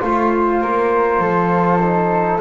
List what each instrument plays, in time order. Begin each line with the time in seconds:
0.00 double bass A3, trombone F4, flute F4, trumpet C5
0.62 double bass A#3, flute A#4
1.20 double bass F3, flute A4
1.81 trombone D#4